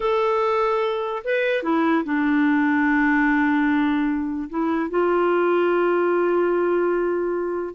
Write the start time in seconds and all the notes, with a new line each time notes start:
0.00 A4
1.24 B4
1.63 E4
2.04 D4
4.49 E4
4.90 F4